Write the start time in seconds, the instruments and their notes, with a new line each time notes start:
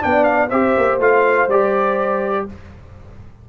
0.00 tuba B3, trombone D4, horn D5, trumpet G5
0.24 trumpet F5
0.50 tuba C4, trombone G4, horn C5, trumpet E5
0.78 tuba A#3
0.99 tuba A3, trombone F4, trumpet F5
1.48 tuba G3, trombone G4, trumpet D5